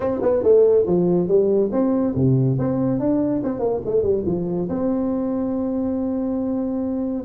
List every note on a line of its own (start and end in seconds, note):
0.00 0.20 C4
0.21 0.43 B3
0.43 0.85 A3
0.86 1.28 F3
1.28 1.70 G3
1.72 2.14 C4
2.15 2.57 C3
2.59 2.99 C4
2.99 3.42 D4
3.43 3.59 C4
3.59 3.80 A#3
3.85 4.02 A3
4.02 4.23 G3
4.25 4.68 F3
4.69 7.24 C4